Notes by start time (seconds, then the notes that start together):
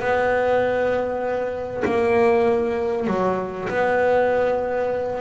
0.00 B3
1.85 A#3
3.07 F#3
3.69 B3